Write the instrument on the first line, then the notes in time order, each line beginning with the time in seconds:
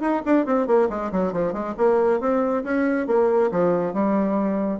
bassoon
0.00 D#4
0.25 D4
0.45 C4
0.67 A#3
0.89 G#3
1.11 F#3
1.32 F3
1.52 G#3
1.77 A#3
2.20 C4
2.63 C#4
3.07 A#3
3.51 F3
3.93 G3